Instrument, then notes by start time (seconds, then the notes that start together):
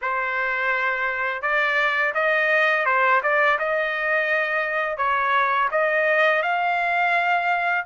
trumpet
0.01 C5
1.42 D5
2.14 D#5
2.85 C5
3.22 D5
3.58 D#5
4.97 C#5
5.71 D#5
6.42 F5